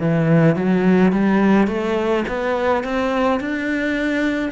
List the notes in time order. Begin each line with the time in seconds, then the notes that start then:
0.00 E3
0.56 F#3
1.12 G3
1.67 A3
2.28 B3
2.84 C4
3.40 D4